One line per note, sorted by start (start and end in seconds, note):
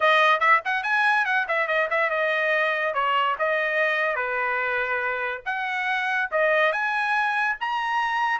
0.00 0.40 D#5
0.40 0.61 E5
0.64 0.83 F#5
0.83 1.25 G#5
1.25 1.46 F#5
1.48 1.67 E5
1.67 1.88 D#5
1.90 2.10 E5
2.10 2.94 D#5
2.94 3.35 C#5
3.39 4.15 D#5
4.15 5.41 B4
5.45 6.29 F#5
6.31 6.72 D#5
6.72 7.56 G#5
7.60 8.39 A#5